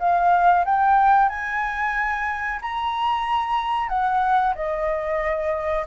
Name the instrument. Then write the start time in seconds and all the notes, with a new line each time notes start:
flute
0.00 F5
0.66 G5
1.30 G#5
2.62 A#5
3.89 F#5
4.56 D#5